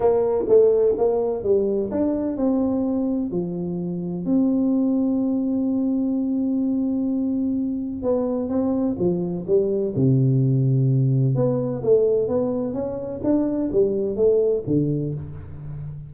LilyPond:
\new Staff \with { instrumentName = "tuba" } { \time 4/4 \tempo 4 = 127 ais4 a4 ais4 g4 | d'4 c'2 f4~ | f4 c'2.~ | c'1~ |
c'4 b4 c'4 f4 | g4 c2. | b4 a4 b4 cis'4 | d'4 g4 a4 d4 | }